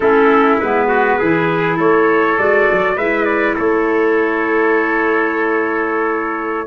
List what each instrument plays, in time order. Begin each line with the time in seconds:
0.00 tuba A3, clarinet C#4, trumpet E4 A4
0.59 tuba G#3, clarinet B3, trumpet B4
0.87 trumpet F#4
1.18 tuba E3, clarinet E4, trumpet G#4
1.76 tuba A3, trumpet A4 C#5
2.37 tuba G#3, clarinet F#4, trumpet D5
2.71 tuba F#3
2.96 tuba G#3, clarinet E4, trumpet B4 E5
3.24 trumpet D5
3.54 tuba A3, trumpet A4 C#5